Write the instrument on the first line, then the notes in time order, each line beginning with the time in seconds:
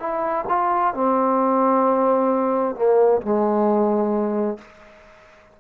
trombone
0.00 E4
0.49 F4
0.94 C4
2.76 A#3
3.22 G#3